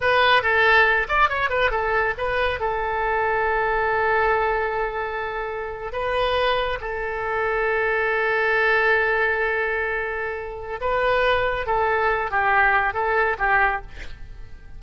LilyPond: \new Staff \with { instrumentName = "oboe" } { \time 4/4 \tempo 4 = 139 b'4 a'4. d''8 cis''8 b'8 | a'4 b'4 a'2~ | a'1~ | a'4.~ a'16 b'2 a'16~ |
a'1~ | a'1~ | a'4 b'2 a'4~ | a'8 g'4. a'4 g'4 | }